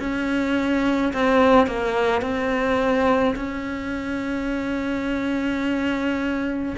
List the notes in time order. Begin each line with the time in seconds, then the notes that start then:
0.00 C#4
1.13 C4
1.67 A#3
2.22 C4
3.36 C#4